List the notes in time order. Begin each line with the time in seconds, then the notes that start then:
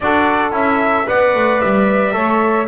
0.00 D4 F#4 A4 D5
0.51 C#4 E4 E5
1.06 B3 B4 D5 F#5
1.34 A3
1.60 G3 E5
2.11 A3 A4 C#5